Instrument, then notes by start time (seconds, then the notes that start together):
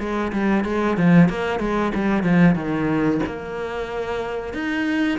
cello
0.00 G#3
0.33 G3
0.65 G#3
0.98 F3
1.30 A#3
1.60 G#3
1.95 G3
2.24 F3
2.56 D#3
3.27 A#3
4.54 D#4